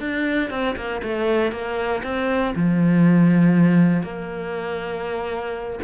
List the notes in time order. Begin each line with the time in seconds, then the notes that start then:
0.00 D4
0.50 C4
0.76 A#3
1.03 A3
1.52 A#3
2.04 C4
2.56 F3
4.03 A#3